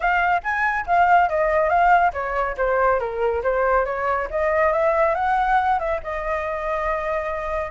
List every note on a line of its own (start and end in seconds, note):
0.00 0.42 F5
0.43 0.86 G#5
0.86 1.29 F5
1.29 1.69 D#5
1.69 2.12 F5
2.13 2.56 C#5
2.57 2.99 C5
2.99 3.42 A#4
3.43 3.85 C5
3.85 4.28 C#5
4.30 4.72 D#5
4.72 5.14 E5
5.14 5.79 F#5
5.79 6.00 E5
6.03 7.71 D#5